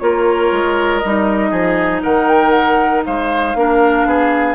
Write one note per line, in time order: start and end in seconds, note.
0.00 0.52 A#3
0.00 1.02 F4
0.00 1.51 A#4
0.00 0.99 C#5
0.52 1.03 G#3
0.99 1.52 G3
0.99 2.00 D#5
1.06 3.57 D#4
1.51 2.03 F3
1.51 2.02 G#4
2.03 3.06 D#3
2.03 3.05 A#4
2.03 2.28 F#5
2.28 2.51 G5
2.51 3.01 F#5
3.06 3.55 G#3
3.06 3.58 C5
3.06 4.56 F5
3.55 4.06 A#3
3.55 4.56 D4
3.55 4.08 A#4
4.06 4.56 B3
4.06 4.56 G#4